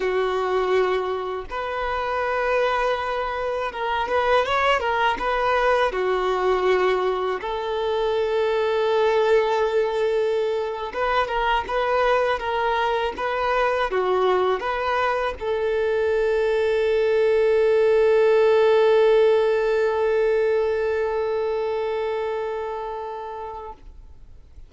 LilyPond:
\new Staff \with { instrumentName = "violin" } { \time 4/4 \tempo 4 = 81 fis'2 b'2~ | b'4 ais'8 b'8 cis''8 ais'8 b'4 | fis'2 a'2~ | a'2~ a'8. b'8 ais'8 b'16~ |
b'8. ais'4 b'4 fis'4 b'16~ | b'8. a'2.~ a'16~ | a'1~ | a'1 | }